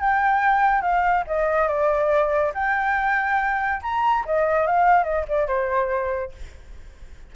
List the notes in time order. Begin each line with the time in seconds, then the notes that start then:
0.00 G5
0.82 F5
1.27 D#5
1.67 D5
2.54 G5
3.82 A#5
4.25 D#5
4.67 F5
5.03 D#5
5.28 D5
5.47 C5